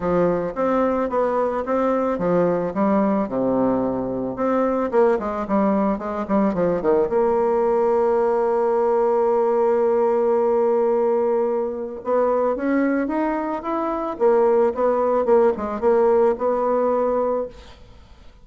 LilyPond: \new Staff \with { instrumentName = "bassoon" } { \time 4/4 \tempo 4 = 110 f4 c'4 b4 c'4 | f4 g4 c2 | c'4 ais8 gis8 g4 gis8 g8 | f8 dis8 ais2.~ |
ais1~ | ais2 b4 cis'4 | dis'4 e'4 ais4 b4 | ais8 gis8 ais4 b2 | }